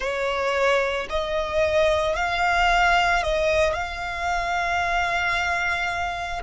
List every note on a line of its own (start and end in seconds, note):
0.00 1.07 C#5
1.09 2.15 D#5
2.15 3.22 F5
3.22 3.73 D#5
3.73 6.41 F5